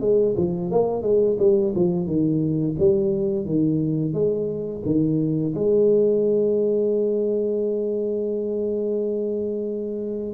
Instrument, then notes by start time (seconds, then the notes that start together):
tuba
0.00 G#3
0.37 F3
0.71 A#3
1.02 G#3
1.39 G3
1.75 F3
2.06 D#3
2.78 G3
3.45 D#3
4.13 G#3
4.85 D#3
5.54 G#3